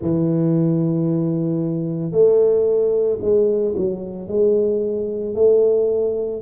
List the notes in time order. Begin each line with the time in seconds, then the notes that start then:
0.01 E3
2.11 A3
3.21 G#3
3.76 F#3
4.28 G#3
5.35 A3